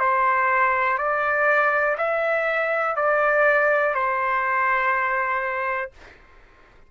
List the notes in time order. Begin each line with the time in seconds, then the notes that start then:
0.00 C5
0.98 D5
1.98 E5
2.96 D5
3.95 C5